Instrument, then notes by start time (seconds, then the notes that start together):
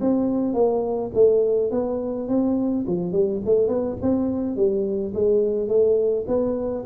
tuba
0.00 C4
0.53 A#3
1.14 A3
1.70 B3
2.28 C4
2.87 F3
3.12 G3
3.45 A3
3.67 B3
4.02 C4
4.56 G3
5.14 G#3
5.68 A3
6.27 B3